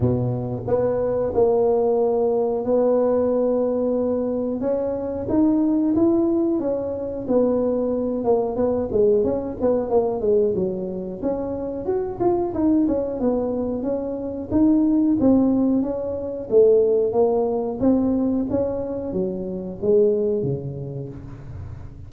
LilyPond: \new Staff \with { instrumentName = "tuba" } { \time 4/4 \tempo 4 = 91 b,4 b4 ais2 | b2. cis'4 | dis'4 e'4 cis'4 b4~ | b8 ais8 b8 gis8 cis'8 b8 ais8 gis8 |
fis4 cis'4 fis'8 f'8 dis'8 cis'8 | b4 cis'4 dis'4 c'4 | cis'4 a4 ais4 c'4 | cis'4 fis4 gis4 cis4 | }